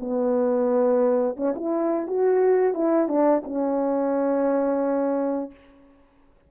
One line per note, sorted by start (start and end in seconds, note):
0.00 1.37 B3
1.37 1.54 C#4
1.55 2.07 E4
2.07 2.74 F#4
2.74 3.08 E4
3.08 3.43 D4
3.45 5.51 C#4